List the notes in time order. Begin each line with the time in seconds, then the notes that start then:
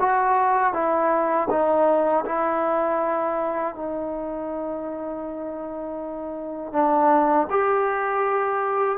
0.00 F#4
0.74 E4
1.50 D#4
2.26 E4
3.75 D#4
6.73 D4
7.50 G4